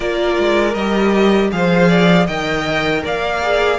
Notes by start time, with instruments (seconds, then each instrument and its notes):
0.00 cello A#3, viola F4, violin A#4 D5
0.38 cello G#3
0.74 cello G3, viola G4, violin D#5
1.51 cello F3, viola G#4, violin C5 F5
1.88 violin D5
2.26 cello D#3, viola A#4, violin D#5 G5
3.04 cello A#3, violin D5 F5
3.42 viola G#4